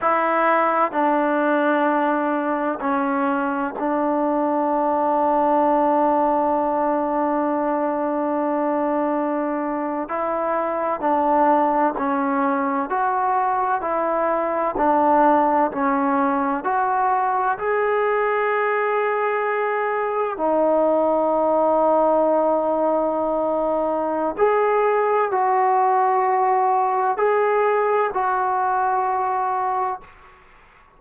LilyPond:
\new Staff \with { instrumentName = "trombone" } { \time 4/4 \tempo 4 = 64 e'4 d'2 cis'4 | d'1~ | d'2~ d'8. e'4 d'16~ | d'8. cis'4 fis'4 e'4 d'16~ |
d'8. cis'4 fis'4 gis'4~ gis'16~ | gis'4.~ gis'16 dis'2~ dis'16~ | dis'2 gis'4 fis'4~ | fis'4 gis'4 fis'2 | }